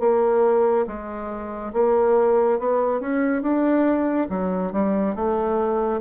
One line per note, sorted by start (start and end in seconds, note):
0.00 0.86 A#3
0.87 1.73 G#3
1.73 2.59 A#3
2.59 3.00 B3
3.00 3.42 C#4
3.42 4.28 D4
4.30 4.73 F#3
4.73 5.15 G3
5.15 6.01 A3